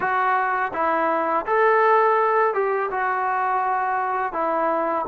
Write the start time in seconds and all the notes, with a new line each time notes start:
0.00 F#4
0.73 E4
1.46 A4
2.54 G4
2.90 F#4
4.32 E4